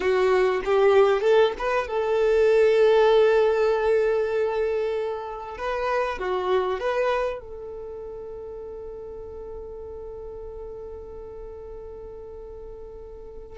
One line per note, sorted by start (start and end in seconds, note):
0.00 0.61 F#4
0.65 1.21 G4
1.21 1.52 A4
1.58 1.87 B4
1.87 5.57 A4
5.57 6.19 B4
6.19 6.79 F#4
6.79 7.40 B4
7.40 13.58 A4